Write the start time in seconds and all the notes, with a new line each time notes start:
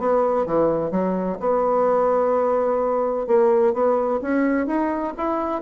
0.00 B3
0.46 E3
0.92 F#3
1.40 B3
3.27 A#3
3.74 B3
4.22 C#4
4.67 D#4
5.18 E4